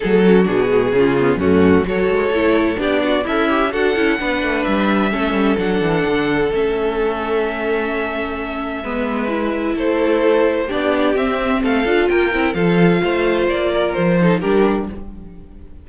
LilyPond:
<<
  \new Staff \with { instrumentName = "violin" } { \time 4/4 \tempo 4 = 129 a'4 gis'2 fis'4 | cis''2 d''4 e''4 | fis''2 e''2 | fis''2 e''2~ |
e''1~ | e''4 c''2 d''4 | e''4 f''4 g''4 f''4~ | f''4 d''4 c''4 ais'4 | }
  \new Staff \with { instrumentName = "violin" } { \time 4/4 gis'8 fis'4. f'4 cis'4 | a'2 g'8 fis'8 e'4 | a'4 b'2 a'4~ | a'1~ |
a'2. b'4~ | b'4 a'2 g'4~ | g'4 a'4 ais'4 a'4 | c''4. ais'4 a'8 g'4 | }
  \new Staff \with { instrumentName = "viola" } { \time 4/4 a8 cis'8 d'8 gis8 cis'8 b8 a4 | fis'4 e'4 d'4 a'8 g'8 | fis'8 e'8 d'2 cis'4 | d'2 cis'2~ |
cis'2. b4 | e'2. d'4 | c'4. f'4 e'8 f'4~ | f'2~ f'8 dis'8 d'4 | }
  \new Staff \with { instrumentName = "cello" } { \time 4/4 fis4 b,4 cis4 fis,4 | fis8 gis8 a4 b4 cis'4 | d'8 cis'8 b8 a8 g4 a8 g8 | fis8 e8 d4 a2~ |
a2. gis4~ | gis4 a2 b4 | c'4 a8 d'8 ais8 c'8 f4 | a4 ais4 f4 g4 | }
>>